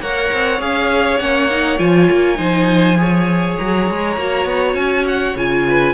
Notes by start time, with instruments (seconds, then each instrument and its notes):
0.00 cello A#3, viola A#4, violin C#5 F#5
0.33 cello C4
0.59 cello C#4, viola G#4, violin F5
1.19 cello A#3, viola C#4, violin F#5
1.50 viola D#4
1.78 cello F3, viola F4, violin G#5
2.11 cello A#3
2.36 cello F3, viola D#4, violin C5
2.98 viola G#4, violin C#5
3.58 cello F#3, violin A#5
3.90 cello G#3
4.17 cello A#3, viola F#4
4.45 cello B3
4.74 cello C#4, violin G#5
5.08 violin F#5
5.36 cello C#3, viola F4, violin G#5
5.68 violin B4